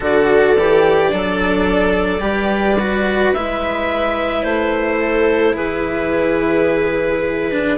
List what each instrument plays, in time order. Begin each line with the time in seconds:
0.00 bassoon D3, cello F#4, viola A4, clarinet D5
0.56 bassoon E3, cello G4
1.09 bassoon F#3, viola D4, cello A4
2.19 bassoon G3, cello G4, viola B4
2.79 cello F#4
3.33 bassoon G#3, cello E4, clarinet E5
4.43 bassoon A3, clarinet C5
4.99 viola A4
5.55 bassoon E3, viola G#4, clarinet B4
7.51 cello D4